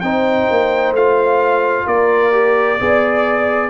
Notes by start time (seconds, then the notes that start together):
0.00 C4 D#4 C5 G5
0.50 A#3
0.91 A3 F4 F5
1.86 A#3 A#4 D5
2.32 G4
2.79 B3 G#4 D5